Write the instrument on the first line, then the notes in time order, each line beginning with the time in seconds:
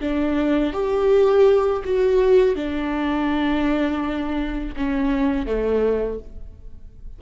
viola
0.00 D4
0.73 G4
1.84 F#4
2.55 D4
4.76 C#4
5.46 A3